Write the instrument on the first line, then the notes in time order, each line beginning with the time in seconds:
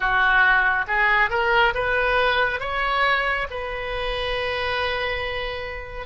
oboe
0.00 F#4
0.87 G#4
1.30 A#4
1.74 B4
2.60 C#5
3.50 B4